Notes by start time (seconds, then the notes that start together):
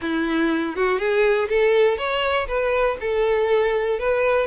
0.01 E4
0.76 F#4
0.98 G#4
1.49 A4
1.97 C#5
2.47 B4
3.00 A4
3.99 B4